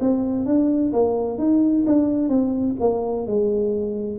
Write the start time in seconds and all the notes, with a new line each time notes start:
0.00 C4
0.45 D4
0.92 A#3
1.38 D#4
1.86 D4
2.28 C4
2.80 A#3
3.26 G#3